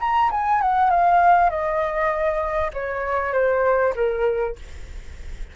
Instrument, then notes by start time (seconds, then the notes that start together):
flute
0.00 A#5
0.31 G#5
0.61 F#5
0.90 F5
1.49 D#5
2.73 C#5
3.33 C5
3.95 A#4